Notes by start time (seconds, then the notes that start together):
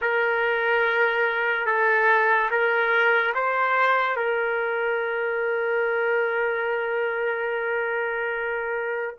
0.01 A#4
1.66 A4
2.50 A#4
3.34 C5
4.16 A#4